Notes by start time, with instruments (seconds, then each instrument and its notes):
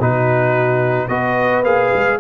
0.00 tuba B2, trombone D#4, horn F#4, trumpet B4
1.08 tuba B3, trombone F#4, horn B4, trumpet D#5
1.63 tuba A#3, trombone G#4, trumpet F5
1.94 tuba G#3